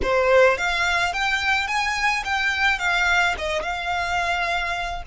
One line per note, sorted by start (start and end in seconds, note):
0.02 0.57 C5
0.57 1.13 F5
1.13 1.67 G5
1.67 2.23 G#5
2.24 2.78 G5
2.78 3.34 F5
3.37 3.62 D#5
3.62 5.02 F5